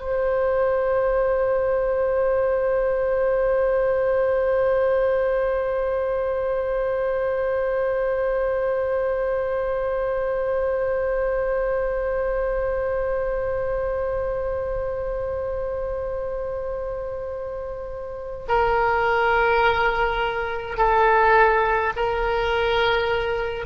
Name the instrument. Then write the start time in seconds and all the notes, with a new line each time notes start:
oboe
0.00 C5
18.48 A#4
20.77 A4
21.96 A#4